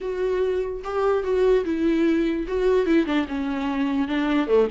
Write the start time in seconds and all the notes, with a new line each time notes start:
0.00 F#4
0.84 G4
1.23 F#4
1.64 E4
2.47 F#4
2.86 E4
3.05 D4
3.28 C#4
4.08 D4
4.47 A3